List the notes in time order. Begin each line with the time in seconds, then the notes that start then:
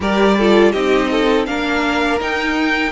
0.00 G3 G4 A#4 D5
0.37 F4 A4
0.72 C4 D#4 G4 D#5
1.10 A4
1.46 A#3 D4 A#4 F5
2.20 D#4 G5